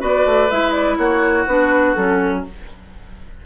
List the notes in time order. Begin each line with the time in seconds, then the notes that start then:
0.00 B3 F#4 B4 D5
0.26 A3
0.51 G#3 E4 E5
0.72 D5
0.98 A#3 F#4 C#5
1.47 B3 D4 B4
1.94 F#3 C#4 A4